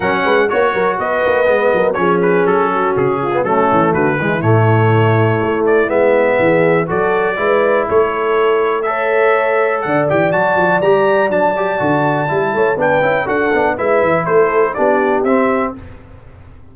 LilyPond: <<
  \new Staff \with { instrumentName = "trumpet" } { \time 4/4 \tempo 4 = 122 fis''4 cis''4 dis''2 | cis''8 b'8 a'4 gis'4 a'4 | b'4 cis''2~ cis''8 d''8 | e''2 d''2 |
cis''2 e''2 | fis''8 g''8 a''4 ais''4 a''4~ | a''2 g''4 fis''4 | e''4 c''4 d''4 e''4 | }
  \new Staff \with { instrumentName = "horn" } { \time 4/4 ais'8 b'8 cis''8 ais'8 b'4. ais'8 | gis'4. fis'4 f'8 cis'4 | fis'8 e'2.~ e'8~ | e'4 gis'4 a'4 b'4 |
a'2 cis''2 | d''1~ | d''4. cis''8 b'4 a'4 | b'4 a'4 g'2 | }
  \new Staff \with { instrumentName = "trombone" } { \time 4/4 cis'4 fis'2 b4 | cis'2~ cis'8. b16 a4~ | a8 gis8 a2. | b2 fis'4 e'4~ |
e'2 a'2~ | a'8 g'8 fis'4 g'4 d'8 g'8 | fis'4 e'4 d'8 e'8 fis'8 d'8 | e'2 d'4 c'4 | }
  \new Staff \with { instrumentName = "tuba" } { \time 4/4 fis8 gis8 ais8 fis8 b8 ais8 gis8 fis8 | f4 fis4 cis4 fis8 e8 | d8 e8 a,2 a4 | gis4 e4 fis4 gis4 |
a1 | d8 e8 fis8 f8 g4 fis4 | d4 g8 a8 b8 cis'8 d'8 b8 | gis8 e8 a4 b4 c'4 | }
>>